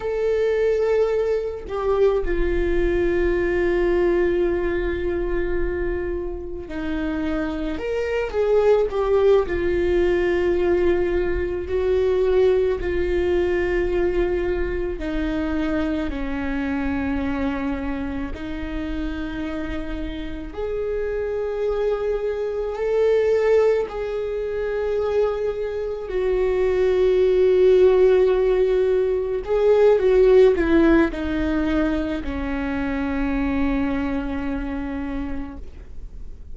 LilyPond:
\new Staff \with { instrumentName = "viola" } { \time 4/4 \tempo 4 = 54 a'4. g'8 f'2~ | f'2 dis'4 ais'8 gis'8 | g'8 f'2 fis'4 f'8~ | f'4. dis'4 cis'4.~ |
cis'8 dis'2 gis'4.~ | gis'8 a'4 gis'2 fis'8~ | fis'2~ fis'8 gis'8 fis'8 e'8 | dis'4 cis'2. | }